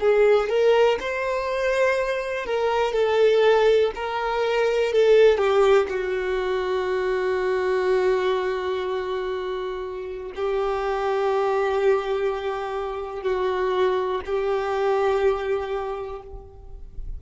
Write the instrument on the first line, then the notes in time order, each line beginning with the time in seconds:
violin
0.00 G#4
0.50 A#4
1.00 C5
2.45 A#4
2.93 A4
3.95 A#4
4.92 A4
5.37 G4
5.89 F#4
10.36 G4
13.23 F#4
14.25 G4